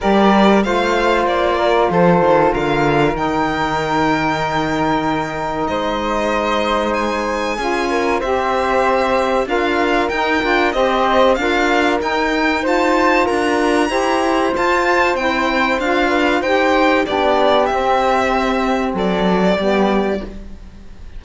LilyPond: <<
  \new Staff \with { instrumentName = "violin" } { \time 4/4 \tempo 4 = 95 d''4 f''4 d''4 c''4 | f''4 g''2.~ | g''4 dis''2 gis''4~ | gis''4 e''2 f''4 |
g''4 dis''4 f''4 g''4 | a''4 ais''2 a''4 | g''4 f''4 g''4 d''4 | e''2 d''2 | }
  \new Staff \with { instrumentName = "flute" } { \time 4/4 ais'4 c''4. ais'8 a'4 | ais'1~ | ais'4 c''2. | gis'8 ais'8 c''2 ais'4~ |
ais'4 c''4 ais'2 | c''4 ais'4 c''2~ | c''4. b'8 c''4 g'4~ | g'2 a'4 g'4 | }
  \new Staff \with { instrumentName = "saxophone" } { \time 4/4 g'4 f'2.~ | f'4 dis'2.~ | dis'1 | f'4 g'2 f'4 |
dis'8 f'8 g'4 f'4 dis'4 | f'2 g'4 f'4 | e'4 f'4 g'4 d'4 | c'2. b4 | }
  \new Staff \with { instrumentName = "cello" } { \time 4/4 g4 a4 ais4 f8 dis8 | d4 dis2.~ | dis4 gis2. | cis'4 c'2 d'4 |
dis'8 d'8 c'4 d'4 dis'4~ | dis'4 d'4 e'4 f'4 | c'4 d'4 dis'4 b4 | c'2 fis4 g4 | }
>>